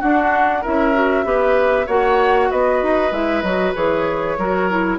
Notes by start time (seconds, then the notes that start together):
0.00 D4 F#4 F#5
0.62 C#4 E4 A#4 E5
0.94 F#4
1.25 B3 G4 B4
1.87 A#3 F#4 C#5 F#5
2.51 B3 B4 D#5
2.83 D#4
3.12 G#3 E4 E5
3.42 F#3 F#4 D#5
3.75 E3 G#4 C#5
4.38 F#3 F#4 A#4
4.70 E4